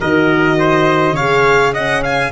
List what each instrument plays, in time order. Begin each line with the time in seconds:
0.00 tuba D#3, horn F#4, trumpet A#4, violin D#5
0.58 trumpet C5
1.13 tuba C#3, horn G#4, trumpet C#5, violin F5
1.73 horn C#4, trumpet D#5, violin F#5
2.02 trumpet F5, violin G#5